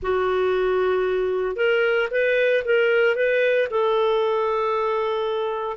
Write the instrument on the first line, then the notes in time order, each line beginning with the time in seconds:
clarinet
0.02 F#4
1.56 A#4
2.11 B4
2.64 A#4
3.15 B4
3.70 A4